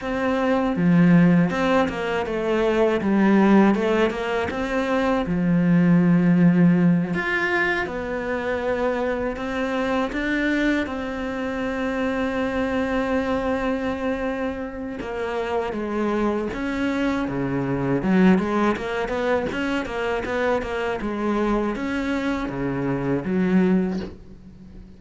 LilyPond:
\new Staff \with { instrumentName = "cello" } { \time 4/4 \tempo 4 = 80 c'4 f4 c'8 ais8 a4 | g4 a8 ais8 c'4 f4~ | f4. f'4 b4.~ | b8 c'4 d'4 c'4.~ |
c'1 | ais4 gis4 cis'4 cis4 | fis8 gis8 ais8 b8 cis'8 ais8 b8 ais8 | gis4 cis'4 cis4 fis4 | }